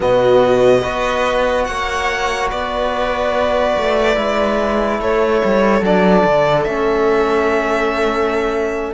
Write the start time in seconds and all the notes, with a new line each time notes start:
0.00 B2 B3 F#4 D#5
0.82 B3 F#4 B4
1.64 A#3 C#5 F#5
2.49 B3 B4 D5
3.77 A3
4.15 G#3 E4
5.00 A3 A4 C#5
5.44 G3
5.81 F#3 D4 D5
6.25 D3
6.63 A3 C#4 E5